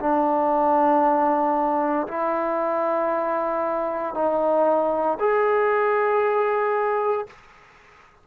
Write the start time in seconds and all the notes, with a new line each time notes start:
0.00 D4
2.07 E4
4.14 D#4
5.20 G#4